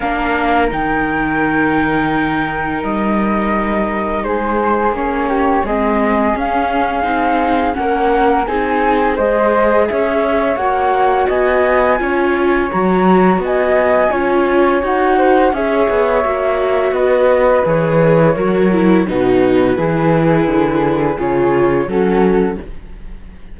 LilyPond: <<
  \new Staff \with { instrumentName = "flute" } { \time 4/4 \tempo 4 = 85 f''4 g''2. | dis''2 c''4 cis''4 | dis''4 f''2 fis''4 | gis''4 dis''4 e''4 fis''4 |
gis''2 ais''4 gis''4~ | gis''4 fis''4 e''2 | dis''4 cis''2 b'4~ | b'2 cis''4 a'4 | }
  \new Staff \with { instrumentName = "flute" } { \time 4/4 ais'1~ | ais'2 gis'4. g'8 | gis'2. ais'4 | gis'4 c''4 cis''2 |
dis''4 cis''2 dis''4 | cis''4. c''8 cis''2 | b'2 ais'4 fis'4 | gis'2. fis'4 | }
  \new Staff \with { instrumentName = "viola" } { \time 4/4 d'4 dis'2.~ | dis'2. cis'4 | c'4 cis'4 dis'4 cis'4 | dis'4 gis'2 fis'4~ |
fis'4 f'4 fis'2 | f'4 fis'4 gis'4 fis'4~ | fis'4 gis'4 fis'8 e'8 dis'4 | e'2 f'4 cis'4 | }
  \new Staff \with { instrumentName = "cello" } { \time 4/4 ais4 dis2. | g2 gis4 ais4 | gis4 cis'4 c'4 ais4 | c'4 gis4 cis'4 ais4 |
b4 cis'4 fis4 b4 | cis'4 dis'4 cis'8 b8 ais4 | b4 e4 fis4 b,4 | e4 d4 cis4 fis4 | }
>>